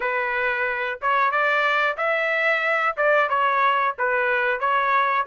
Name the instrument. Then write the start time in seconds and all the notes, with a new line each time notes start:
trumpet
0.00 B4
1.01 C#5
1.31 D5
1.97 E5
2.97 D5
3.29 C#5
3.98 B4
4.59 C#5